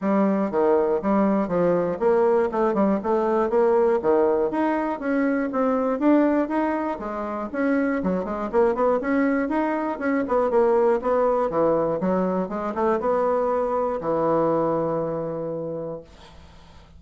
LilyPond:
\new Staff \with { instrumentName = "bassoon" } { \time 4/4 \tempo 4 = 120 g4 dis4 g4 f4 | ais4 a8 g8 a4 ais4 | dis4 dis'4 cis'4 c'4 | d'4 dis'4 gis4 cis'4 |
fis8 gis8 ais8 b8 cis'4 dis'4 | cis'8 b8 ais4 b4 e4 | fis4 gis8 a8 b2 | e1 | }